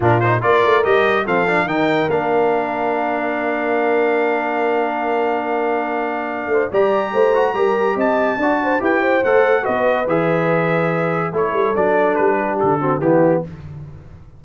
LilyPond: <<
  \new Staff \with { instrumentName = "trumpet" } { \time 4/4 \tempo 4 = 143 ais'8 c''8 d''4 dis''4 f''4 | g''4 f''2.~ | f''1~ | f''1 |
ais''2. a''4~ | a''4 g''4 fis''4 dis''4 | e''2. cis''4 | d''4 b'4 a'4 g'4 | }
  \new Staff \with { instrumentName = "horn" } { \time 4/4 f'4 ais'2 a'4 | ais'1~ | ais'1~ | ais'2.~ ais'8 c''8 |
d''4 c''4 ais'4 dis''4 | d''8 c''8 b'8 c''4. b'4~ | b'2. a'4~ | a'4. g'4 fis'8 e'4 | }
  \new Staff \with { instrumentName = "trombone" } { \time 4/4 d'8 dis'8 f'4 g'4 c'8 d'8 | dis'4 d'2.~ | d'1~ | d'1 |
g'4. fis'8 g'2 | fis'4 g'4 a'4 fis'4 | gis'2. e'4 | d'2~ d'8 c'8 b4 | }
  \new Staff \with { instrumentName = "tuba" } { \time 4/4 ais,4 ais8 a8 g4 f4 | dis4 ais2.~ | ais1~ | ais2.~ ais8 a8 |
g4 a4 g4 c'4 | d'4 e'4 a4 b4 | e2. a8 g8 | fis4 g4 d4 e4 | }
>>